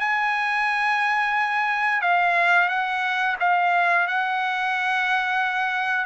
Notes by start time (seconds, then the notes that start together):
0.00 G#5
2.02 F5
2.69 F#5
3.40 F5
4.08 F#5